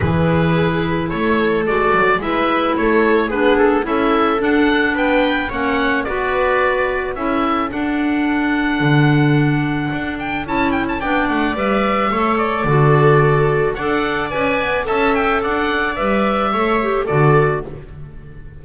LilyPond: <<
  \new Staff \with { instrumentName = "oboe" } { \time 4/4 \tempo 4 = 109 b'2 cis''4 d''4 | e''4 cis''4 b'8 a'8 e''4 | fis''4 g''4 fis''4 d''4~ | d''4 e''4 fis''2~ |
fis''2~ fis''8 g''8 a''8 g''16 a''16 | g''8 fis''8 e''4. d''4.~ | d''4 fis''4 gis''4 a''8 g''8 | fis''4 e''2 d''4 | }
  \new Staff \with { instrumentName = "viola" } { \time 4/4 gis'2 a'2 | b'4 a'4 gis'4 a'4~ | a'4 b'4 cis''4 b'4~ | b'4 a'2.~ |
a'1 | d''2 cis''4 a'4~ | a'4 d''2 e''4 | d''2 cis''4 a'4 | }
  \new Staff \with { instrumentName = "clarinet" } { \time 4/4 e'2. fis'4 | e'2 d'4 e'4 | d'2 cis'4 fis'4~ | fis'4 e'4 d'2~ |
d'2. e'4 | d'4 b'4 a'4 fis'4~ | fis'4 a'4 b'4 a'4~ | a'4 b'4 a'8 g'8 fis'4 | }
  \new Staff \with { instrumentName = "double bass" } { \time 4/4 e2 a4 gis8 fis8 | gis4 a4 b4 cis'4 | d'4 b4 ais4 b4~ | b4 cis'4 d'2 |
d2 d'4 cis'4 | b8 a8 g4 a4 d4~ | d4 d'4 cis'8 b8 cis'4 | d'4 g4 a4 d4 | }
>>